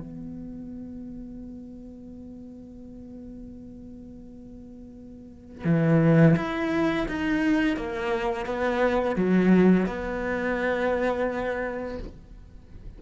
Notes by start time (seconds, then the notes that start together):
0.00 B3
5.65 E3
6.36 E4
7.08 D#4
7.77 A#3
8.46 B3
9.16 F#3
9.87 B3